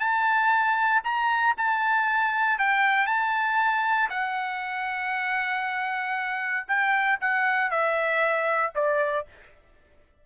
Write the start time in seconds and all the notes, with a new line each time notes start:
0.00 A5
1.04 A#5
1.58 A5
2.59 G5
3.07 A5
4.10 F#5
6.68 G5
7.21 F#5
7.71 E5
8.75 D5